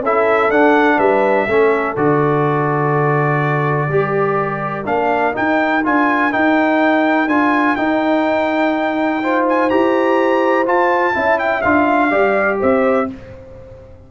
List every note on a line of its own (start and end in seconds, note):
0.00 0.48 C#4
0.00 0.51 E4
0.00 0.97 A4
0.00 0.50 E5
0.49 0.97 D4
0.49 1.48 D4
0.49 0.98 F#5
0.97 1.46 G3
0.97 1.45 B4
0.97 1.95 E5
1.47 1.95 A3
1.47 1.96 C#4
1.47 3.89 A4
1.96 3.88 D3
1.96 3.90 F#4
1.96 4.86 D5
3.88 4.84 G3
3.88 4.85 G4
3.88 9.21 A#4
4.85 5.35 A#3
4.85 5.33 D4
4.85 5.34 F5
5.33 5.81 D#4
5.33 5.86 D#4
5.33 5.84 G5
5.84 6.34 D4
5.84 6.31 F4
5.84 6.32 G#5
6.31 7.28 D#4
6.31 7.27 D#4
6.31 7.28 G5
7.27 7.75 D4
7.27 7.77 F4
7.27 7.76 G#5
7.76 9.22 D#4
7.76 9.71 D#4
7.76 9.45 G5
9.22 9.70 F4
9.22 11.15 C5
9.49 9.69 G#5
9.69 10.66 E4
9.69 10.65 G4
9.69 10.66 A#5
10.65 11.13 F4
10.65 11.14 F4
10.65 11.38 A5
11.13 11.64 C#4
11.13 11.61 E4
11.13 12.10 E5
11.38 11.61 G5
11.61 12.11 D4
11.61 12.10 F4
11.61 12.58 F5
12.10 12.60 G3
12.10 13.07 G4
12.10 12.58 D5
12.60 13.11 C4
12.60 13.08 C5
12.60 13.10 E5